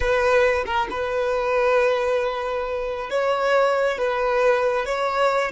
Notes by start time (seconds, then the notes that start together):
0.00 B4
0.66 A#4
0.90 B4
3.10 C#5
3.98 B4
4.85 C#5